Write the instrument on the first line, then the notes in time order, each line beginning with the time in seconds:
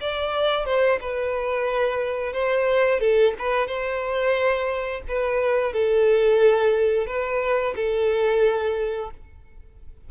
violin
0.00 D5
0.65 C5
1.00 B4
2.33 C5
3.00 A4
3.38 B4
3.66 C5
5.08 B4
5.73 A4
7.06 B4
7.75 A4